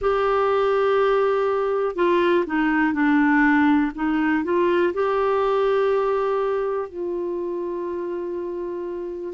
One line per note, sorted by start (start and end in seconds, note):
0.01 1.95 G4
1.95 2.45 F4
2.46 2.93 D#4
2.93 3.91 D4
3.94 4.44 D#4
4.44 4.93 F4
4.93 6.89 G4
6.89 9.33 F4